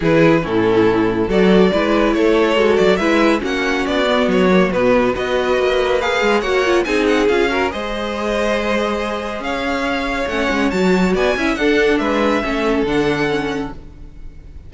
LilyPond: <<
  \new Staff \with { instrumentName = "violin" } { \time 4/4 \tempo 4 = 140 b'4 a'2 d''4~ | d''4 cis''4. d''8 e''4 | fis''4 d''4 cis''4 b'4 | dis''2 f''4 fis''4 |
gis''8 fis''8 f''4 dis''2~ | dis''2 f''2 | fis''4 a''4 gis''4 fis''4 | e''2 fis''2 | }
  \new Staff \with { instrumentName = "violin" } { \time 4/4 gis'4 e'2 a'4 | b'4 a'2 b'4 | fis'1 | b'2. cis''4 |
gis'4. ais'8 c''2~ | c''2 cis''2~ | cis''2 d''8 e''8 a'4 | b'4 a'2. | }
  \new Staff \with { instrumentName = "viola" } { \time 4/4 e'4 cis'2 fis'4 | e'2 fis'4 e'4 | cis'4. b4 ais8 b4 | fis'2 gis'4 fis'8 f'8 |
dis'4 f'8 fis'8 gis'2~ | gis'1 | cis'4 fis'4. e'8 d'4~ | d'4 cis'4 d'4 cis'4 | }
  \new Staff \with { instrumentName = "cello" } { \time 4/4 e4 a,2 fis4 | gis4 a4 gis8 fis8 gis4 | ais4 b4 fis4 b,4 | b4 ais4. gis8 ais4 |
c'4 cis'4 gis2~ | gis2 cis'2 | a8 gis8 fis4 b8 cis'8 d'4 | gis4 a4 d2 | }
>>